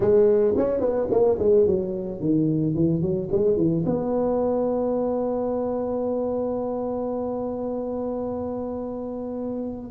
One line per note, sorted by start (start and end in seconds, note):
0.00 0.54 G#3
0.56 0.80 C#4
0.80 1.07 B3
1.10 1.38 A#3
1.38 1.66 G#3
1.66 2.19 F#3
2.19 2.74 D#3
2.74 3.01 E3
3.01 3.29 F#3
3.31 3.57 G#3
3.57 3.84 E3
3.85 9.91 B3